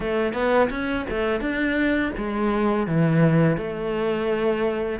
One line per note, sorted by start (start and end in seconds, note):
0.00 0.33 A3
0.33 0.69 B3
0.69 1.05 C#4
1.09 1.40 A3
1.40 2.12 D4
2.17 2.86 G#3
2.86 3.57 E3
3.57 4.99 A3